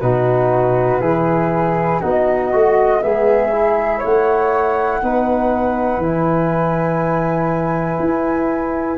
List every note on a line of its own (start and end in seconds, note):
0.00 1.01 B2
0.00 1.01 D#4
0.00 1.01 F#4
0.00 2.00 B4
1.01 2.01 E3
1.01 2.01 E4
1.01 2.00 G#4
2.00 2.53 B3
2.00 2.52 D#4
2.00 3.00 F#4
2.00 3.02 D#5
2.52 3.03 A3
2.52 3.00 F#4
3.00 4.04 G#3
3.00 3.50 B3
3.00 3.98 G#4
3.00 4.03 E5
3.52 5.02 E4
3.98 4.98 C#5
4.04 5.02 A3
4.04 6.03 F#5
5.02 5.97 B3
5.02 6.03 D#4
5.02 8.98 B4
5.97 7.97 E3
5.97 8.98 E4
5.97 8.98 G#5
8.00 8.98 E4